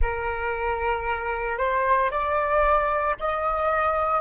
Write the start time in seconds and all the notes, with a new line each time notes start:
0.01 A#4
1.57 C5
2.11 D5
3.19 D#5